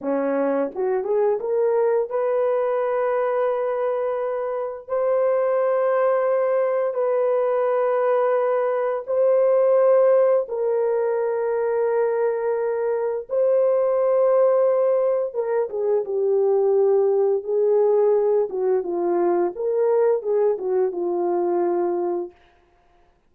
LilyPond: \new Staff \with { instrumentName = "horn" } { \time 4/4 \tempo 4 = 86 cis'4 fis'8 gis'8 ais'4 b'4~ | b'2. c''4~ | c''2 b'2~ | b'4 c''2 ais'4~ |
ais'2. c''4~ | c''2 ais'8 gis'8 g'4~ | g'4 gis'4. fis'8 f'4 | ais'4 gis'8 fis'8 f'2 | }